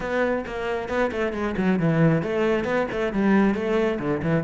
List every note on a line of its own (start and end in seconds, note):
0.00 0.44 B3
0.46 0.88 A#3
0.88 1.11 B3
1.11 1.33 A3
1.33 1.55 G#3
1.57 1.79 F#3
1.79 2.22 E3
2.22 2.64 A3
2.64 2.86 B3
2.91 3.12 A3
3.12 3.54 G3
3.54 3.99 A3
3.99 4.21 D3
4.22 4.43 E3